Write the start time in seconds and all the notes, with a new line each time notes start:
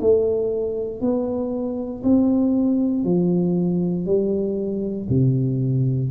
0.00 A3
1.01 B3
2.03 C4
3.04 F3
4.06 G3
5.09 C3